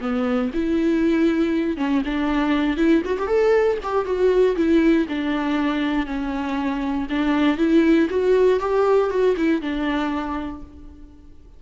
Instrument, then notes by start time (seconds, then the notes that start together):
viola
0.00 B3
0.53 E4
1.77 C#4
2.04 D4
2.77 E4
3.05 F#4
3.18 G4
3.27 A4
3.83 G4
4.05 F#4
4.56 E4
5.08 D4
6.06 C#4
7.09 D4
7.57 E4
8.09 F#4
8.59 G4
9.10 F#4
9.36 E4
9.61 D4